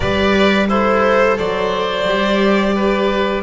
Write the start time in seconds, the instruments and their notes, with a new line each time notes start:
0.00 double bass G3, viola G4, oboe B4, violin D5
0.68 oboe E4, viola A4, violin C5
1.37 double bass F#3, oboe C5, violin D5
2.07 double bass G3, viola G4
2.75 oboe B4